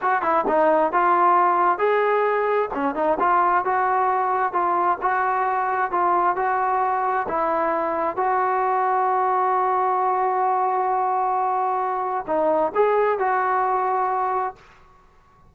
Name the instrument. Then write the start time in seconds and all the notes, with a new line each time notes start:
trombone
0.01 F#4
0.22 E4
0.47 D#4
0.92 F4
1.78 G#4
2.74 C#4
2.95 D#4
3.19 F4
3.64 F#4
4.52 F4
5.01 F#4
5.91 F4
6.36 F#4
7.28 E4
8.16 F#4
12.27 D#4
12.74 G#4
13.19 F#4